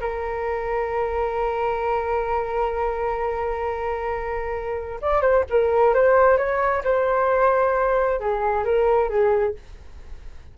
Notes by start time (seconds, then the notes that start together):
0.00 A#4
5.01 D5
5.21 C5
5.50 A#4
5.94 C5
6.37 C#5
6.84 C5
8.20 G#4
8.64 A#4
9.09 G#4